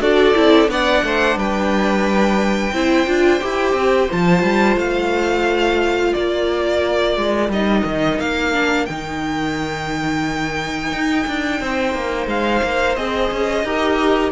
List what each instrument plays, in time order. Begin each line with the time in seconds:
0.00 cello D4, viola F#4, violin A4 D5
0.34 cello C4, viola E4
0.68 cello B3, viola D4, violin D5 F#5
1.03 cello A3, violin C5
1.35 cello G3, violin B4 G5
2.72 cello C4, viola E4, violin C5
3.06 cello D4, viola F4
3.40 cello E4, viola G4
3.73 cello C4
4.10 cello F3, viola F4, violin A5
4.43 cello G3
4.76 cello A3, violin F5
6.13 cello A#3, violin A#4 D5
7.17 cello G#3
7.48 cello G3, viola D#4, violin D#5
7.84 cello D#3
8.19 cello A#3, violin F5
8.52 viola D4
8.86 cello D#3, viola D#4, violin G5
10.92 cello D#4
11.27 cello D4
11.60 cello C4, violin C5
11.94 cello A#3
12.27 cello G#3, violin F5
12.63 cello A#3
12.95 cello C4, viola G#4, violin D#5
13.31 cello C#4
13.64 cello D#4, viola G4, violin A#4